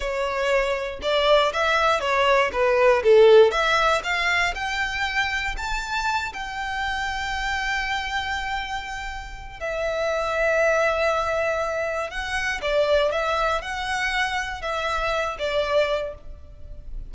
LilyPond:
\new Staff \with { instrumentName = "violin" } { \time 4/4 \tempo 4 = 119 cis''2 d''4 e''4 | cis''4 b'4 a'4 e''4 | f''4 g''2 a''4~ | a''8 g''2.~ g''8~ |
g''2. e''4~ | e''1 | fis''4 d''4 e''4 fis''4~ | fis''4 e''4. d''4. | }